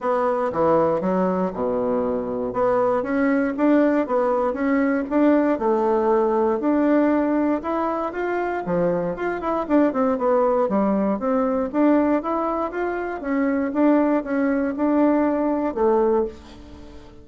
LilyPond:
\new Staff \with { instrumentName = "bassoon" } { \time 4/4 \tempo 4 = 118 b4 e4 fis4 b,4~ | b,4 b4 cis'4 d'4 | b4 cis'4 d'4 a4~ | a4 d'2 e'4 |
f'4 f4 f'8 e'8 d'8 c'8 | b4 g4 c'4 d'4 | e'4 f'4 cis'4 d'4 | cis'4 d'2 a4 | }